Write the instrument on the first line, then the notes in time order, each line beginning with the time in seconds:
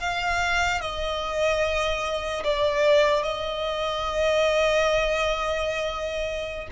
violin
0.00 F5
0.81 D#5
2.44 D5
3.24 D#5